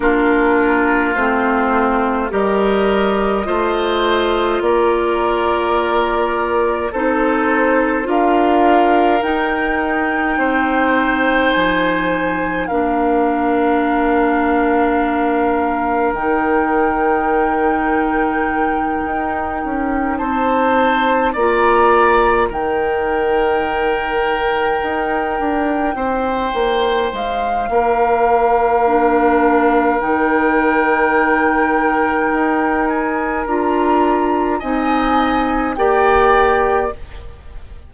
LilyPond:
<<
  \new Staff \with { instrumentName = "flute" } { \time 4/4 \tempo 4 = 52 ais'4 c''4 dis''2 | d''2 c''4 f''4 | g''2 gis''4 f''4~ | f''2 g''2~ |
g''4. a''4 ais''4 g''8~ | g''2.~ g''8 f''8~ | f''2 g''2~ | g''8 gis''8 ais''4 gis''4 g''4 | }
  \new Staff \with { instrumentName = "oboe" } { \time 4/4 f'2 ais'4 c''4 | ais'2 a'4 ais'4~ | ais'4 c''2 ais'4~ | ais'1~ |
ais'4. c''4 d''4 ais'8~ | ais'2~ ais'8 c''4. | ais'1~ | ais'2 dis''4 d''4 | }
  \new Staff \with { instrumentName = "clarinet" } { \time 4/4 d'4 c'4 g'4 f'4~ | f'2 dis'4 f'4 | dis'2. d'4~ | d'2 dis'2~ |
dis'2~ dis'8 f'4 dis'8~ | dis'1~ | dis'4 d'4 dis'2~ | dis'4 f'4 dis'4 g'4 | }
  \new Staff \with { instrumentName = "bassoon" } { \time 4/4 ais4 a4 g4 a4 | ais2 c'4 d'4 | dis'4 c'4 f4 ais4~ | ais2 dis2~ |
dis8 dis'8 cis'8 c'4 ais4 dis8~ | dis4. dis'8 d'8 c'8 ais8 gis8 | ais2 dis2 | dis'4 d'4 c'4 ais4 | }
>>